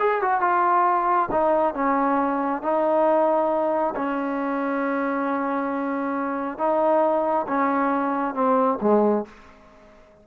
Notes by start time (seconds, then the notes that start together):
0.00 G#4
0.22 F#4
0.41 F4
1.32 D#4
1.75 C#4
2.63 D#4
3.96 C#4
6.59 D#4
7.48 C#4
8.35 C4
8.82 G#3